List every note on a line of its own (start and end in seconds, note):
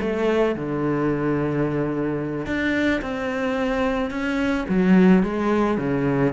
0.00 0.55 A3
0.55 2.46 D3
2.46 3.01 D4
3.02 4.10 C4
4.10 4.65 C#4
4.69 5.23 F#3
5.23 5.78 G#3
5.78 6.33 C#3